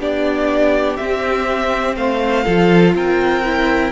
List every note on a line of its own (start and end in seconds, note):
0.00 0.98 B3
0.00 0.99 D4
0.00 1.97 G4
0.00 0.97 D5
0.97 2.46 C4
0.97 1.97 C4
0.97 1.95 E5
1.97 2.46 A3
1.97 2.45 C5
1.97 2.95 F5
2.45 2.95 F3
2.45 3.44 F4
2.45 2.94 A4
2.95 3.92 C4
2.95 3.92 A#4
2.95 3.92 G5
3.45 3.92 E4